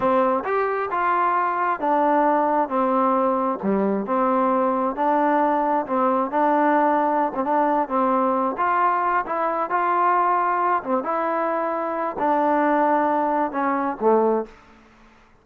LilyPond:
\new Staff \with { instrumentName = "trombone" } { \time 4/4 \tempo 4 = 133 c'4 g'4 f'2 | d'2 c'2 | g4 c'2 d'4~ | d'4 c'4 d'2~ |
d'16 c'16 d'4 c'4. f'4~ | f'8 e'4 f'2~ f'8 | c'8 e'2~ e'8 d'4~ | d'2 cis'4 a4 | }